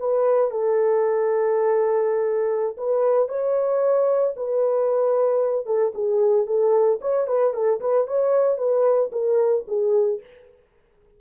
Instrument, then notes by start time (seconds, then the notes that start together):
horn
0.00 B4
0.51 A4
2.78 B4
3.29 C#5
4.37 B4
5.66 A4
5.95 G#4
6.47 A4
7.02 C#5
7.27 B4
7.54 A4
7.81 B4
8.08 C#5
8.58 B4
9.12 A#4
9.68 G#4